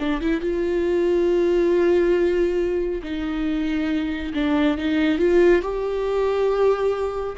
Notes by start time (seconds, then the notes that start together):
0.00 D4
0.21 E4
0.41 F4
3.03 D#4
4.34 D4
4.78 D#4
5.19 F4
5.62 G4